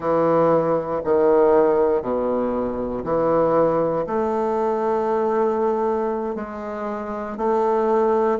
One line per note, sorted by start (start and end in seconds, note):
0.00 1.01 E3
1.04 2.02 D#3
2.02 3.03 B2
3.04 4.05 E3
4.06 6.35 A3
6.35 7.37 G#3
7.37 8.39 A3